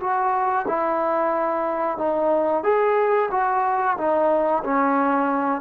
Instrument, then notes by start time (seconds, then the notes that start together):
trombone
0.00 F#4
0.68 E4
1.98 D#4
2.63 G#4
3.31 F#4
3.97 D#4
4.64 C#4